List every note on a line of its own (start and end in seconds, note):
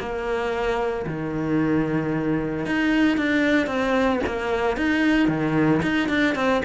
0.00 1.06 A#3
1.07 2.66 D#3
2.66 3.18 D#4
3.18 3.67 D4
3.67 4.20 C4
4.26 4.77 A#3
4.77 5.28 D#4
5.28 5.81 D#3
5.83 6.09 D#4
6.09 6.35 D4
6.36 6.62 C4